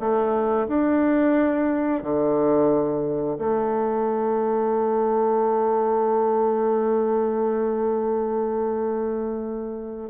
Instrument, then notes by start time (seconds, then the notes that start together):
bassoon
0.00 A3
0.68 D4
2.03 D3
3.39 A3